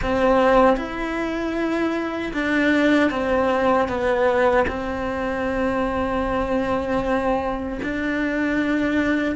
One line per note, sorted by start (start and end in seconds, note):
0.02 0.76 C4
0.76 2.32 E4
2.33 3.10 D4
3.10 3.88 C4
3.88 4.66 B3
4.67 7.79 C4
7.82 9.35 D4